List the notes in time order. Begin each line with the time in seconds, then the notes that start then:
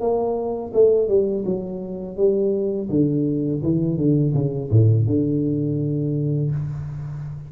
0.00 A#3
0.73 A3
1.08 G3
1.45 F#3
2.17 G3
2.89 D3
3.63 E3
3.97 D3
4.34 C#3
4.71 A2
5.06 D3